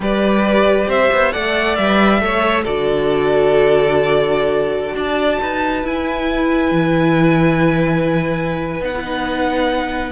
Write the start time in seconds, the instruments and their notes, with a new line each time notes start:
0.00 cello G3, viola G4, violin B4 D5
0.87 cello C4, violin C5 E5
1.12 cello B3
1.31 cello A3, viola A4, violin D5 F#5
1.75 cello G3, viola B4, violin E5
2.20 cello A3, viola A4, violin C#5
2.64 cello D3, viola F#4, violin A4 D5
4.94 cello D4, violin D5 A5
5.41 cello D#4, violin B4
5.83 cello E4, viola E4, violin G#5
6.71 cello E3
8.80 cello B3, viola D#4, violin F#5
8.96 viola E4
9.02 viola D#4